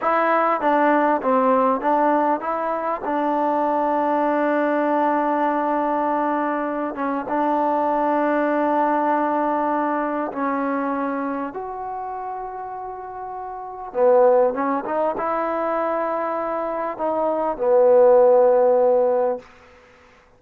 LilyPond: \new Staff \with { instrumentName = "trombone" } { \time 4/4 \tempo 4 = 99 e'4 d'4 c'4 d'4 | e'4 d'2.~ | d'2.~ d'8 cis'8 | d'1~ |
d'4 cis'2 fis'4~ | fis'2. b4 | cis'8 dis'8 e'2. | dis'4 b2. | }